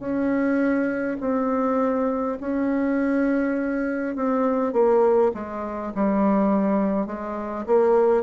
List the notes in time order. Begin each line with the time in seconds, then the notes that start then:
0.00 C#4
1.21 C4
2.41 C#4
4.16 C4
4.73 A#3
5.34 G#3
5.95 G3
7.07 G#3
7.67 A#3